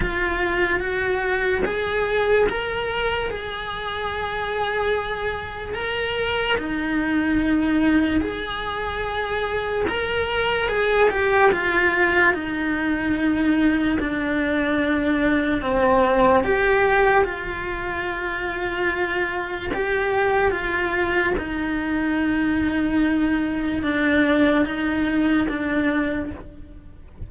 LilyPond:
\new Staff \with { instrumentName = "cello" } { \time 4/4 \tempo 4 = 73 f'4 fis'4 gis'4 ais'4 | gis'2. ais'4 | dis'2 gis'2 | ais'4 gis'8 g'8 f'4 dis'4~ |
dis'4 d'2 c'4 | g'4 f'2. | g'4 f'4 dis'2~ | dis'4 d'4 dis'4 d'4 | }